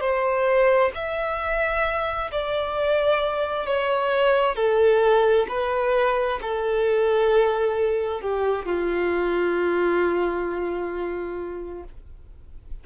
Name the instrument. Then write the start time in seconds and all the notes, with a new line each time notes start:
violin
0.00 C5
0.94 E5
2.31 D5
3.66 C#5
4.55 A4
5.48 B4
6.42 A4
8.21 G4
8.65 F4